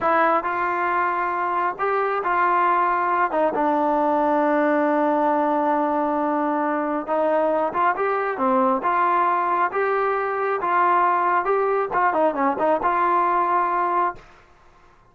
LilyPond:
\new Staff \with { instrumentName = "trombone" } { \time 4/4 \tempo 4 = 136 e'4 f'2. | g'4 f'2~ f'8 dis'8 | d'1~ | d'1 |
dis'4. f'8 g'4 c'4 | f'2 g'2 | f'2 g'4 f'8 dis'8 | cis'8 dis'8 f'2. | }